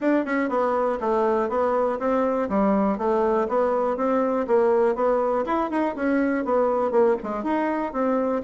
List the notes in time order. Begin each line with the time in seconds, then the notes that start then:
0.00 D4
0.25 C#4
0.49 B3
1.00 A3
1.49 B3
1.99 C4
2.49 G3
2.98 A3
3.48 B3
3.96 C4
4.47 A#3
4.95 B3
5.45 E4
5.70 D#4
5.95 C#4
6.44 B3
6.91 A#3
7.23 G#3
7.43 D#4
7.92 C4